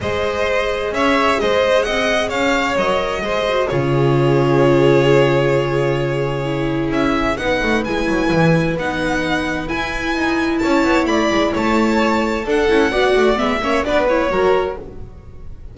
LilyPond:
<<
  \new Staff \with { instrumentName = "violin" } { \time 4/4 \tempo 4 = 130 dis''2 e''4 dis''4 | fis''4 f''4 dis''2 | cis''1~ | cis''2. e''4 |
fis''4 gis''2 fis''4~ | fis''4 gis''2 a''4 | b''4 a''2 fis''4~ | fis''4 e''4 d''8 cis''4. | }
  \new Staff \with { instrumentName = "violin" } { \time 4/4 c''2 cis''4 c''4 | dis''4 cis''2 c''4 | gis'1~ | gis'1 |
b'1~ | b'2. cis''4 | d''4 cis''2 a'4 | d''4. cis''8 b'4 ais'4 | }
  \new Staff \with { instrumentName = "viola" } { \time 4/4 gis'1~ | gis'2 ais'4 gis'8 fis'8 | f'1~ | f'2 e'2 |
dis'4 e'2 dis'4~ | dis'4 e'2.~ | e'2. d'8 e'8 | fis'4 b8 cis'8 d'8 e'8 fis'4 | }
  \new Staff \with { instrumentName = "double bass" } { \time 4/4 gis2 cis'4 gis4 | c'4 cis'4 fis4 gis4 | cis1~ | cis2. cis'4 |
b8 a8 gis8 fis8 e4 b4~ | b4 e'4 dis'4 cis'8 b8 | a8 gis8 a2 d'8 cis'8 | b8 a8 gis8 ais8 b4 fis4 | }
>>